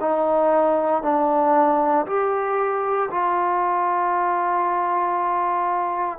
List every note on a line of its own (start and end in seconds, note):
0.00 1.02 D#4
1.02 2.05 D4
2.05 3.09 G4
3.10 6.18 F4